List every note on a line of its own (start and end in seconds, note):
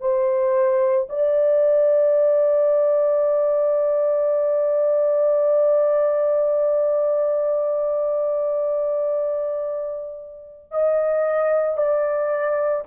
0.00 1.07 C5
1.09 10.71 D5
10.71 11.77 D#5
11.77 12.84 D5